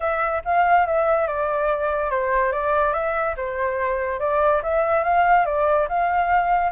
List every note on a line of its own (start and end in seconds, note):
0.00 0.42 E5
0.44 0.86 F5
0.86 1.27 E5
1.27 2.10 D5
2.10 2.52 C5
2.52 2.93 D5
2.93 3.35 E5
3.36 4.19 C5
4.19 4.61 D5
4.62 5.03 E5
5.03 5.45 F5
5.45 5.87 D5
5.88 6.72 F5